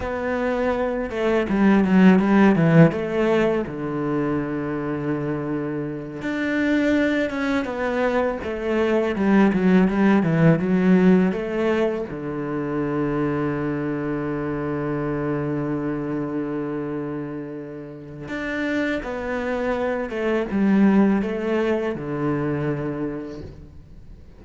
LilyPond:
\new Staff \with { instrumentName = "cello" } { \time 4/4 \tempo 4 = 82 b4. a8 g8 fis8 g8 e8 | a4 d2.~ | d8 d'4. cis'8 b4 a8~ | a8 g8 fis8 g8 e8 fis4 a8~ |
a8 d2.~ d8~ | d1~ | d4 d'4 b4. a8 | g4 a4 d2 | }